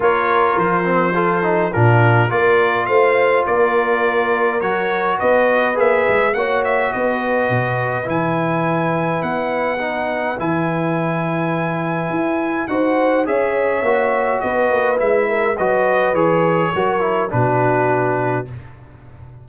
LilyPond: <<
  \new Staff \with { instrumentName = "trumpet" } { \time 4/4 \tempo 4 = 104 cis''4 c''2 ais'4 | d''4 f''4 d''2 | cis''4 dis''4 e''4 fis''8 e''8 | dis''2 gis''2 |
fis''2 gis''2~ | gis''2 fis''4 e''4~ | e''4 dis''4 e''4 dis''4 | cis''2 b'2 | }
  \new Staff \with { instrumentName = "horn" } { \time 4/4 ais'2 a'4 f'4 | ais'4 c''4 ais'2~ | ais'4 b'2 cis''4 | b'1~ |
b'1~ | b'2 c''4 cis''4~ | cis''4 b'4. ais'8 b'4~ | b'4 ais'4 fis'2 | }
  \new Staff \with { instrumentName = "trombone" } { \time 4/4 f'4. c'8 f'8 dis'8 d'4 | f'1 | fis'2 gis'4 fis'4~ | fis'2 e'2~ |
e'4 dis'4 e'2~ | e'2 fis'4 gis'4 | fis'2 e'4 fis'4 | gis'4 fis'8 e'8 d'2 | }
  \new Staff \with { instrumentName = "tuba" } { \time 4/4 ais4 f2 ais,4 | ais4 a4 ais2 | fis4 b4 ais8 gis8 ais4 | b4 b,4 e2 |
b2 e2~ | e4 e'4 dis'4 cis'4 | ais4 b8 ais8 gis4 fis4 | e4 fis4 b,2 | }
>>